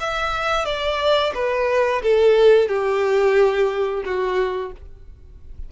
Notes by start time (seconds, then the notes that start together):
0.00 E5
0.65 D5
1.35 B4
2.02 A4
2.68 G4
4.04 F#4